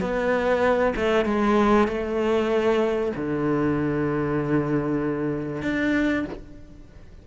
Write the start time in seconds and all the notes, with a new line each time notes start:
0.00 B3
0.95 A3
1.25 G#3
1.87 A3
3.15 D3
5.62 D4